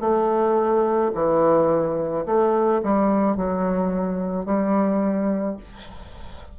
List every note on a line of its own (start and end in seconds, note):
0.00 1.11 A3
1.14 2.25 E3
2.25 2.81 A3
2.83 3.36 G3
3.36 4.45 F#3
4.45 5.56 G3